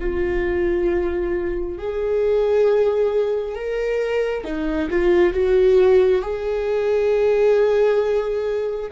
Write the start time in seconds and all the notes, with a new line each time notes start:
0.00 F4
1.79 G#4
3.55 A#4
4.45 D#4
4.91 F4
5.34 F#4
6.22 G#4